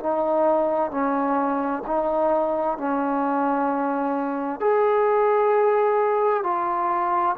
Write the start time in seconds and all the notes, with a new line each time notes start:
0.00 D#4
0.91 C#4
1.87 D#4
2.78 C#4
4.61 G#4
6.44 F4